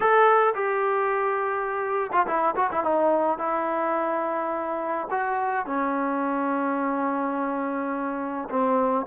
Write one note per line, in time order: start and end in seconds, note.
0.00 0.54 A4
0.55 2.10 G4
2.12 2.26 F4
2.26 2.55 E4
2.56 2.70 F#4
2.71 2.83 E4
2.83 3.38 D#4
3.38 5.08 E4
5.10 5.66 F#4
5.66 8.49 C#4
8.49 9.06 C4